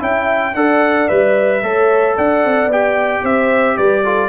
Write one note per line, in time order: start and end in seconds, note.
0.00 0.55 C#4
0.00 0.54 E4
0.00 0.55 E5
0.00 0.55 G5
0.55 1.09 D4
0.55 1.09 A4
0.55 1.64 D5
0.55 1.09 F#5
1.09 1.63 G3
1.09 1.63 B4
1.09 2.16 E5
1.63 2.16 A3
1.63 2.71 A4
1.63 2.16 C#5
2.16 2.45 D4
2.16 3.23 D5
2.16 2.72 F#5
2.45 2.67 C4
2.67 3.21 B3
2.67 4.05 G4
2.67 3.25 G5
3.23 3.77 C4
3.23 3.76 C5
3.23 3.77 E5
3.76 4.29 G3
3.76 4.03 B4
3.76 4.29 D5
4.04 4.29 F4
4.04 4.29 A4